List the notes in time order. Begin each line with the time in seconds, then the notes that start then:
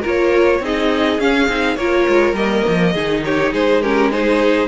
0.00 A#3 F4 A#4
0.07 C#5
0.60 C4 D#4 G#4 D#5
1.18 C#4 F5
1.48 C4 D#4
1.76 A#3 F4 A#4 C#5
2.08 G#3
2.33 G3 A#3 D#5
2.67 F3
2.93 D#3 D#4 G#4
3.24 G4 C#5
3.52 G#3 G#4 C5
3.81 C#4 G4 A#4
4.11 D#4 G#4 C5